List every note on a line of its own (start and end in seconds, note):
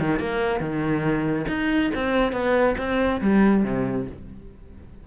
0.00 0.20 D#3
0.20 0.60 A#3
0.60 1.46 D#3
1.48 1.91 D#4
1.95 2.33 C4
2.33 2.75 B3
2.78 3.21 C4
3.21 3.64 G3
3.64 4.07 C3